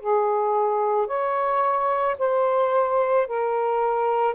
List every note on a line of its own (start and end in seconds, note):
0.00 1.07 G#4
1.07 2.16 C#5
2.18 3.27 C5
3.27 4.34 A#4